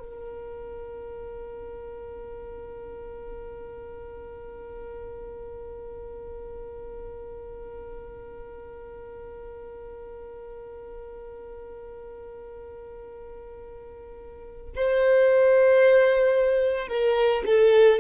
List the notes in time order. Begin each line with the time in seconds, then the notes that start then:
0.00 A#4
14.76 C5
16.89 A#4
17.46 A4